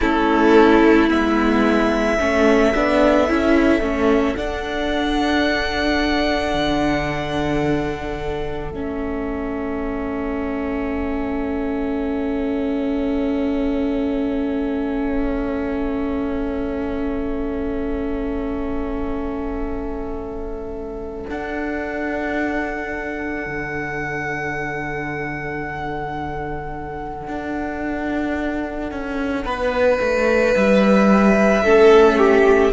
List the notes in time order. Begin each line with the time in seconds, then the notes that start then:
0.00 A3 C#4 E4 A4
1.08 G#3 B3 E5
2.19 A3 C#4 A4
2.74 B3 D4
3.28 C#4 E4
3.80 A3 C#4
4.35 D4 F#5
6.53 D3
8.70 A3 C#4 E5
21.26 D4 F#5
23.45 D3
27.27 D4
28.91 C#4
29.44 B3 B4
30.00 A3
30.54 G3 E5
31.62 A3 C#4 A4
32.18 G4